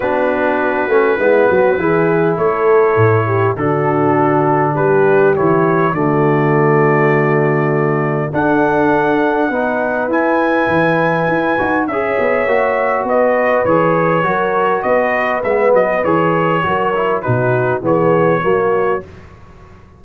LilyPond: <<
  \new Staff \with { instrumentName = "trumpet" } { \time 4/4 \tempo 4 = 101 b'1 | cis''2 a'2 | b'4 cis''4 d''2~ | d''2 fis''2~ |
fis''4 gis''2. | e''2 dis''4 cis''4~ | cis''4 dis''4 e''8 dis''8 cis''4~ | cis''4 b'4 cis''2 | }
  \new Staff \with { instrumentName = "horn" } { \time 4/4 fis'2 e'8 fis'8 gis'4 | a'4. g'8 fis'2 | g'2 fis'2~ | fis'2 a'2 |
b'1 | cis''2 b'2 | ais'4 b'2. | ais'4 fis'4 gis'4 fis'4 | }
  \new Staff \with { instrumentName = "trombone" } { \time 4/4 d'4. cis'8 b4 e'4~ | e'2 d'2~ | d'4 e'4 a2~ | a2 d'2 |
dis'4 e'2~ e'8 fis'8 | gis'4 fis'2 gis'4 | fis'2 b4 gis'4 | fis'8 e'8 dis'4 b4 ais4 | }
  \new Staff \with { instrumentName = "tuba" } { \time 4/4 b4. a8 gis8 fis8 e4 | a4 a,4 d2 | g4 e4 d2~ | d2 d'2 |
b4 e'4 e4 e'8 dis'8 | cis'8 b8 ais4 b4 e4 | fis4 b4 gis8 fis8 e4 | fis4 b,4 e4 fis4 | }
>>